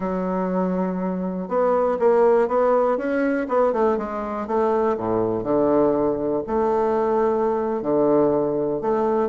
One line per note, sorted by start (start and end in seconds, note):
0.00 1.48 F#3
1.48 1.98 B3
1.99 2.48 A#3
2.48 2.97 B3
2.97 3.47 C#4
3.48 3.72 B3
3.72 3.97 A3
3.97 4.47 G#3
4.47 4.97 A3
4.97 5.43 A2
5.43 6.42 D3
6.46 7.81 A3
7.81 8.81 D3
8.81 9.29 A3